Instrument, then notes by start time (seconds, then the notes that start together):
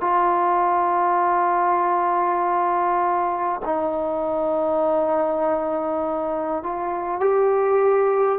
trombone
0.00 F4
3.64 D#4
6.63 F4
7.20 G4